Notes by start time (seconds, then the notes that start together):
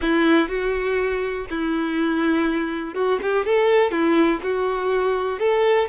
0.01 E4
0.48 F#4
1.50 E4
2.94 F#4
3.22 G4
3.45 A4
3.91 E4
4.42 F#4
5.39 A4